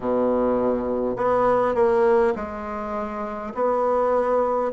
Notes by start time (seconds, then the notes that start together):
0.00 B2
1.16 B3
1.74 A#3
2.35 G#3
3.54 B3